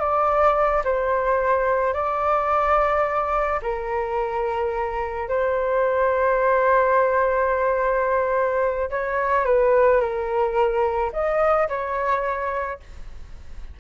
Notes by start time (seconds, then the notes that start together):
0.00 D5
0.85 C5
1.94 D5
3.62 A#4
5.29 C5
8.91 C#5
9.45 B4
10.01 A#4
11.13 D#5
11.69 C#5